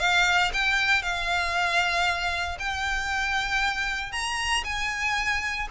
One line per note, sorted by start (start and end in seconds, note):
0.00 0.52 F5
0.54 1.03 G5
1.03 2.58 F5
2.59 4.12 G5
4.12 4.64 A#5
4.64 5.68 G#5